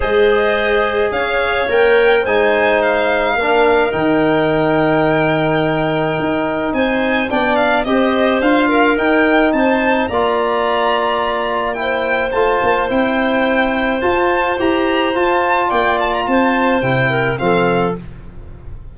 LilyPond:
<<
  \new Staff \with { instrumentName = "violin" } { \time 4/4 \tempo 4 = 107 dis''2 f''4 g''4 | gis''4 f''2 g''4~ | g''1 | gis''4 g''8 f''8 dis''4 f''4 |
g''4 a''4 ais''2~ | ais''4 g''4 a''4 g''4~ | g''4 a''4 ais''4 a''4 | g''8 a''16 ais''16 a''4 g''4 f''4 | }
  \new Staff \with { instrumentName = "clarinet" } { \time 4/4 c''2 cis''2 | c''2 ais'2~ | ais'1 | c''4 d''4 c''4. ais'8~ |
ais'4 c''4 d''2~ | d''4 c''2.~ | c''1 | d''4 c''4. ais'8 a'4 | }
  \new Staff \with { instrumentName = "trombone" } { \time 4/4 gis'2. ais'4 | dis'2 d'4 dis'4~ | dis'1~ | dis'4 d'4 g'4 f'4 |
dis'2 f'2~ | f'4 e'4 f'4 e'4~ | e'4 f'4 g'4 f'4~ | f'2 e'4 c'4 | }
  \new Staff \with { instrumentName = "tuba" } { \time 4/4 gis2 cis'4 ais4 | gis2 ais4 dis4~ | dis2. dis'4 | c'4 b4 c'4 d'4 |
dis'4 c'4 ais2~ | ais2 a8 ais8 c'4~ | c'4 f'4 e'4 f'4 | ais4 c'4 c4 f4 | }
>>